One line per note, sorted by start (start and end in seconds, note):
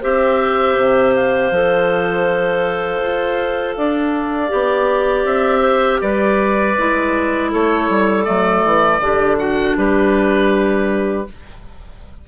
0.00 0.76 C4
0.00 1.52 G4
0.00 3.75 C5
0.00 1.14 E5
0.76 1.51 C3
1.14 5.25 F5
1.51 3.01 F3
1.51 4.49 A4
3.01 3.76 F4
3.76 4.51 D4
3.76 5.60 D5
4.49 5.24 B3
4.49 6.74 G4
5.24 5.99 C4
5.24 6.00 E5
5.60 5.97 C5
6.01 6.76 G3
6.01 7.50 B4
6.01 7.51 D5
6.78 7.53 G#3
6.78 8.24 E4
7.50 7.89 A3
7.50 9.00 A4
7.50 8.24 C#5
7.89 8.26 G3
8.24 8.64 F#3
8.24 8.99 A3
8.24 9.36 D5
8.64 8.98 E3
8.98 9.73 D3
8.98 11.25 D4
8.98 9.37 G4
9.37 9.75 F#4
9.37 9.76 F#5
9.77 11.27 G3
9.77 11.27 G4
9.77 11.28 B4